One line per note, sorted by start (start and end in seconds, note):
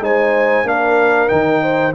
0.00 0.64 G#3
0.00 0.65 D#4
0.00 0.67 C5
0.00 0.68 G#5
0.64 1.28 A#3
0.64 1.28 D4
0.64 1.63 A#4
0.64 1.29 F5
1.28 1.95 D#3
1.28 1.92 D#4
1.28 1.93 G5
1.63 1.95 C5